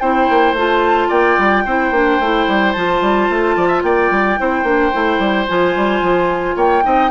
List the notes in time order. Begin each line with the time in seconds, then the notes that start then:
0.00 C4 E4 C5 G5
0.30 A#3
0.53 A3 F4
0.59 A5
1.09 A#3 D5 G5
1.38 G3
1.65 C4 E4 C5
1.91 A#3 D4
2.20 A3 E4
2.48 G3
2.73 F3 F4 A5
3.02 G3
3.30 A3
3.57 F3 D5
3.68 E5
3.83 A#3 D5 G5
4.11 G3
4.38 C4 E4 C5
4.64 A#3 D4
4.93 A3 E4
5.19 G3
5.48 F3 F4 G#5
5.76 G3
6.01 F3
6.56 A#3 C#5 G5
6.83 C4 D#4 D#5